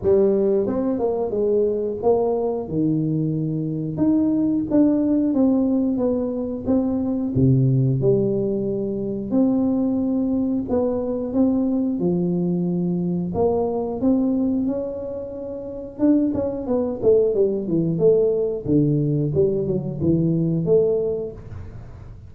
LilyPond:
\new Staff \with { instrumentName = "tuba" } { \time 4/4 \tempo 4 = 90 g4 c'8 ais8 gis4 ais4 | dis2 dis'4 d'4 | c'4 b4 c'4 c4 | g2 c'2 |
b4 c'4 f2 | ais4 c'4 cis'2 | d'8 cis'8 b8 a8 g8 e8 a4 | d4 g8 fis8 e4 a4 | }